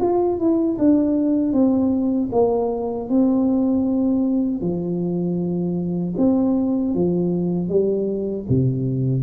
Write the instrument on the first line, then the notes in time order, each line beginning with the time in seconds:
tuba
0.00 F4
0.38 E4
0.78 D4
1.52 C4
2.32 A#3
3.09 C4
4.60 F3
6.17 C4
6.94 F3
7.69 G3
8.48 C3